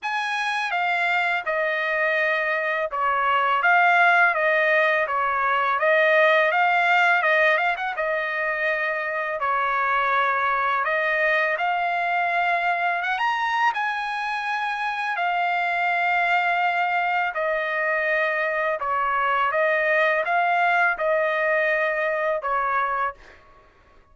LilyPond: \new Staff \with { instrumentName = "trumpet" } { \time 4/4 \tempo 4 = 83 gis''4 f''4 dis''2 | cis''4 f''4 dis''4 cis''4 | dis''4 f''4 dis''8 f''16 fis''16 dis''4~ | dis''4 cis''2 dis''4 |
f''2 fis''16 ais''8. gis''4~ | gis''4 f''2. | dis''2 cis''4 dis''4 | f''4 dis''2 cis''4 | }